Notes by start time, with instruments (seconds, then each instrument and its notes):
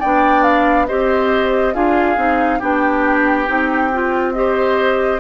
0.00 bassoon B3, clarinet D4, oboe D5, flute G5
0.43 flute F5
0.87 bassoon C4, clarinet G4, oboe C5, flute D#5
1.74 bassoon D4, clarinet F4, oboe G#4, flute F5
2.17 bassoon C4, clarinet D#4
2.59 bassoon B3, clarinet D4, oboe G4, flute G5
3.47 bassoon C4, clarinet D#4
3.93 clarinet F4
4.34 clarinet G4, oboe C5, flute D#5